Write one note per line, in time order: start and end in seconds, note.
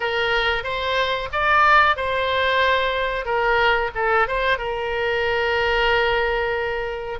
0.00 0.63 A#4
0.63 1.29 C5
1.32 1.96 D5
1.96 3.25 C5
3.25 3.90 A#4
3.95 4.27 A4
4.27 4.58 C5
4.58 7.19 A#4